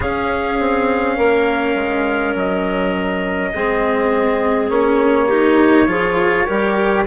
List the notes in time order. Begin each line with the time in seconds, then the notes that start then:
0.00 C#4 G#4 F5
0.59 C4
1.15 A#3 A#4
1.75 G#3
2.35 F#3 D#5
3.53 G#3 C4 G#4
4.69 A#3 C#4 C#5
5.26 D#4 G4
5.87 F3 F4 G#4
6.45 G3 G4 A#4